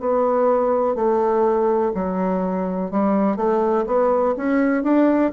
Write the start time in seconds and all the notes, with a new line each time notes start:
0.00 B3
0.95 A3
1.95 F#3
2.91 G3
3.37 A3
3.87 B3
4.37 C#4
4.83 D4